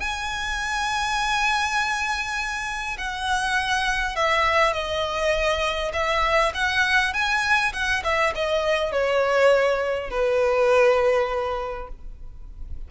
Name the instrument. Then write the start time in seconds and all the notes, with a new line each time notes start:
violin
0.00 G#5
2.98 F#5
4.16 E5
4.73 D#5
5.93 E5
6.54 F#5
7.13 G#5
7.73 F#5
8.04 E5
8.35 D#5
8.92 C#5
10.10 B4